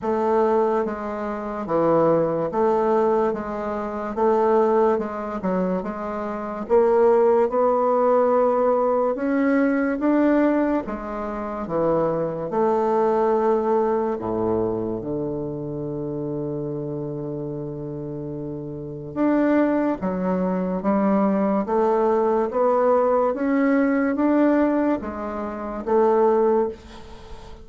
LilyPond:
\new Staff \with { instrumentName = "bassoon" } { \time 4/4 \tempo 4 = 72 a4 gis4 e4 a4 | gis4 a4 gis8 fis8 gis4 | ais4 b2 cis'4 | d'4 gis4 e4 a4~ |
a4 a,4 d2~ | d2. d'4 | fis4 g4 a4 b4 | cis'4 d'4 gis4 a4 | }